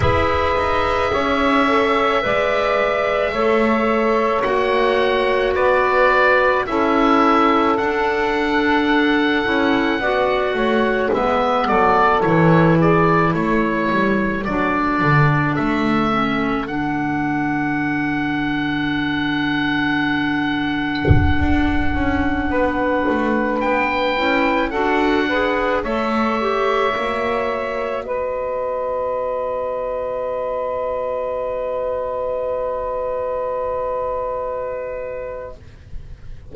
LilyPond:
<<
  \new Staff \with { instrumentName = "oboe" } { \time 4/4 \tempo 4 = 54 e''1 | fis''4 d''4 e''4 fis''4~ | fis''2 e''8 d''8 cis''8 d''8 | cis''4 d''4 e''4 fis''4~ |
fis''1~ | fis''4~ fis''16 g''4 fis''4 e''8.~ | e''4~ e''16 dis''2~ dis''8.~ | dis''1 | }
  \new Staff \with { instrumentName = "saxophone" } { \time 4/4 b'4 cis''4 d''4 cis''4~ | cis''4 b'4 a'2~ | a'4 d''8 cis''8 b'8 a'4 gis'8 | a'1~ |
a'1~ | a'16 b'2 a'8 b'8 cis''8.~ | cis''4~ cis''16 b'2~ b'8.~ | b'1 | }
  \new Staff \with { instrumentName = "clarinet" } { \time 4/4 gis'4. a'8 b'4 a'4 | fis'2 e'4 d'4~ | d'8 e'8 fis'4 b4 e'4~ | e'4 d'4. cis'8 d'4~ |
d'1~ | d'4.~ d'16 e'8 fis'8 gis'8 a'8 g'16~ | g'16 fis'2.~ fis'8.~ | fis'1 | }
  \new Staff \with { instrumentName = "double bass" } { \time 4/4 e'8 dis'8 cis'4 gis4 a4 | ais4 b4 cis'4 d'4~ | d'8 cis'8 b8 a8 gis8 fis8 e4 | a8 g8 fis8 d8 a4 d4~ |
d2.~ d16 d'8 cis'16~ | cis'16 b8 a8 b8 cis'8 d'4 a8.~ | a16 ais4 b2~ b8.~ | b1 | }
>>